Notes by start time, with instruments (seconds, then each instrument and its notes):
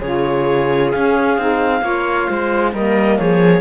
0.00 cello C#3, saxophone F4, viola G#4, clarinet C#5
0.90 saxophone C#4, cello C#4, clarinet F5
1.37 cello C4, saxophone D#4
1.80 cello A#3, saxophone F4, viola C#5
2.27 cello G#3, viola C5
2.73 cello G3, saxophone A#3, viola A#4, clarinet D#5
3.18 cello F3, viola G#4, clarinet C#5